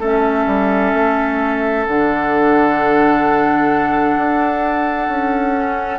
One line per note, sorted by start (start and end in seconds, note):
0.00 0.46 A3
0.00 1.87 C#4
0.00 6.00 A4
0.00 1.86 E5
0.47 0.93 G3
0.94 1.86 A3
1.86 4.17 D3
1.86 5.55 D4
1.86 6.00 F#5
4.17 5.08 D4
5.08 6.00 C#4
5.55 6.00 C#4